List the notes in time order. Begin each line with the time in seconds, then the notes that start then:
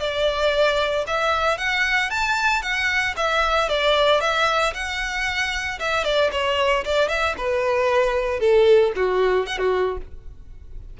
0.00 D5
1.07 E5
1.58 F#5
2.10 A5
2.62 F#5
3.17 E5
3.69 D5
4.21 E5
4.74 F#5
5.79 E5
6.05 D5
6.32 C#5
6.85 D5
7.09 E5
7.38 B4
8.40 A4
8.96 F#4
9.47 F#5
9.58 F#4